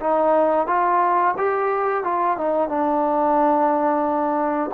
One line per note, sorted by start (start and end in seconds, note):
0.00 0.67 D#4
0.67 1.34 F4
1.37 2.03 G4
2.03 2.37 F4
2.37 2.68 D#4
2.68 4.70 D4